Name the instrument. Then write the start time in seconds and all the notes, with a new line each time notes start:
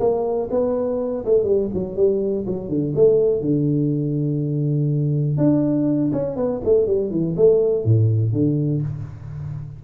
tuba
0.00 A#3
0.51 B3
1.25 A3
1.44 G3
1.74 F#3
1.97 G3
2.47 F#3
2.69 D3
2.96 A3
3.41 D3
5.38 D4
6.13 C#4
6.36 B3
6.65 A3
6.87 G3
7.11 E3
7.37 A3
7.85 A2
8.33 D3